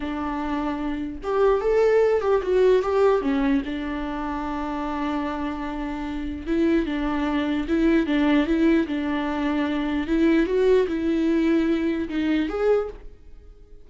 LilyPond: \new Staff \with { instrumentName = "viola" } { \time 4/4 \tempo 4 = 149 d'2. g'4 | a'4. g'8 fis'4 g'4 | cis'4 d'2.~ | d'1 |
e'4 d'2 e'4 | d'4 e'4 d'2~ | d'4 e'4 fis'4 e'4~ | e'2 dis'4 gis'4 | }